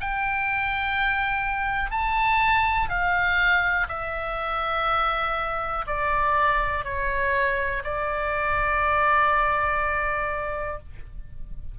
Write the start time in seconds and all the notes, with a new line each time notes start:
0.00 G5
1.90 A5
2.88 F5
3.88 E5
5.87 D5
6.84 C#5
7.83 D5